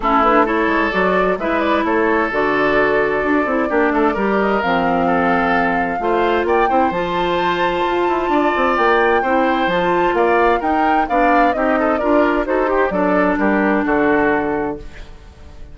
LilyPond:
<<
  \new Staff \with { instrumentName = "flute" } { \time 4/4 \tempo 4 = 130 a'8 b'8 cis''4 d''4 e''8 d''8 | cis''4 d''2.~ | d''4. dis''8 f''2~ | f''2 g''4 a''4~ |
a''2. g''4~ | g''4 a''4 f''4 g''4 | f''4 dis''4 d''4 c''4 | d''4 ais'4 a'2 | }
  \new Staff \with { instrumentName = "oboe" } { \time 4/4 e'4 a'2 b'4 | a'1 | g'8 a'8 ais'2 a'4~ | a'4 c''4 d''8 c''4.~ |
c''2 d''2 | c''2 d''4 ais'4 | d''4 g'8 a'8 ais'4 a'8 g'8 | a'4 g'4 fis'2 | }
  \new Staff \with { instrumentName = "clarinet" } { \time 4/4 cis'8 d'8 e'4 fis'4 e'4~ | e'4 fis'2~ fis'8 e'8 | d'4 g'4 c'2~ | c'4 f'4. e'8 f'4~ |
f'1 | e'4 f'2 dis'4 | d'4 dis'4 f'4 fis'8 g'8 | d'1 | }
  \new Staff \with { instrumentName = "bassoon" } { \time 4/4 a4. gis8 fis4 gis4 | a4 d2 d'8 c'8 | ais8 a8 g4 f2~ | f4 a4 ais8 c'8 f4~ |
f4 f'8 e'8 d'8 c'8 ais4 | c'4 f4 ais4 dis'4 | b4 c'4 d'4 dis'4 | fis4 g4 d2 | }
>>